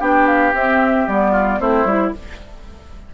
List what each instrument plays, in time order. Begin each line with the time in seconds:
0.00 bassoon B3, clarinet D4, oboe G4, flute G5
0.27 flute F5
0.54 bassoon C4, clarinet C4, flute E5
1.08 bassoon G3, clarinet B3, flute D5
1.32 oboe F4
1.60 bassoon A3, clarinet C4, oboe E4, flute C5
1.85 bassoon G3, clarinet E4